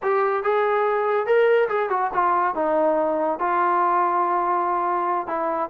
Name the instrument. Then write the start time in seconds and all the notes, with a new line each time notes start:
trombone
0.02 G4
0.43 G#4
1.26 A#4
1.68 G#4
1.89 F#4
2.13 F4
2.54 D#4
3.39 F4
5.27 E4